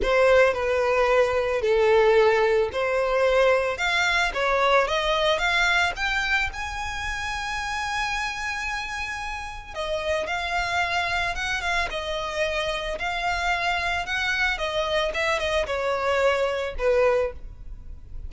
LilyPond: \new Staff \with { instrumentName = "violin" } { \time 4/4 \tempo 4 = 111 c''4 b'2 a'4~ | a'4 c''2 f''4 | cis''4 dis''4 f''4 g''4 | gis''1~ |
gis''2 dis''4 f''4~ | f''4 fis''8 f''8 dis''2 | f''2 fis''4 dis''4 | e''8 dis''8 cis''2 b'4 | }